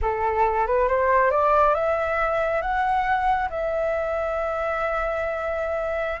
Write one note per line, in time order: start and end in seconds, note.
0.01 0.66 A4
0.66 0.88 B4
0.88 1.30 C5
1.30 1.74 D5
1.74 2.61 E5
2.61 3.48 F#5
3.50 6.20 E5